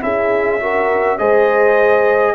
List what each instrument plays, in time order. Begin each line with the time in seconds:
0.00 tuba C#4, trombone E4, horn G#4, trumpet E5
0.59 trombone F#4, horn A#4
1.18 tuba G#3, trombone G#4, horn C5, trumpet D#5